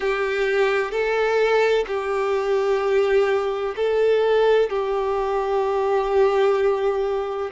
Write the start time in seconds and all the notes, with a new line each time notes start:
0.00 G4
0.91 A4
1.87 G4
3.76 A4
4.69 G4